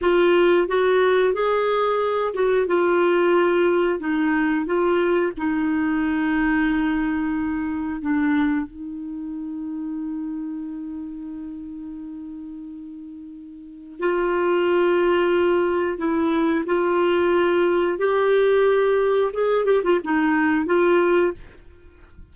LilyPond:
\new Staff \with { instrumentName = "clarinet" } { \time 4/4 \tempo 4 = 90 f'4 fis'4 gis'4. fis'8 | f'2 dis'4 f'4 | dis'1 | d'4 dis'2.~ |
dis'1~ | dis'4 f'2. | e'4 f'2 g'4~ | g'4 gis'8 g'16 f'16 dis'4 f'4 | }